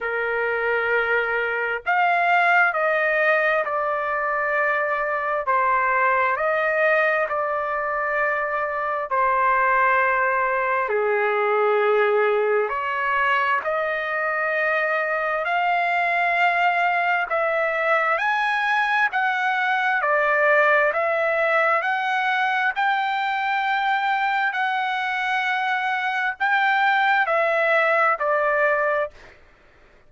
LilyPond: \new Staff \with { instrumentName = "trumpet" } { \time 4/4 \tempo 4 = 66 ais'2 f''4 dis''4 | d''2 c''4 dis''4 | d''2 c''2 | gis'2 cis''4 dis''4~ |
dis''4 f''2 e''4 | gis''4 fis''4 d''4 e''4 | fis''4 g''2 fis''4~ | fis''4 g''4 e''4 d''4 | }